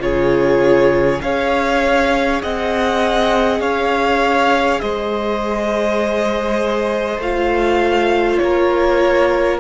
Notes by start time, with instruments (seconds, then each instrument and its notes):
0.00 cello C#3, viola F4, violin G#4 C#5
1.22 cello C#4, viola G#4, violin C#5 F5
2.43 cello C4, violin D#5 F#5
3.60 cello C#4, violin C#5 F5
4.80 cello G#3, violin C5 D#5
7.18 cello A3, viola F4, violin F5
8.38 cello A#3, violin A#4 C#5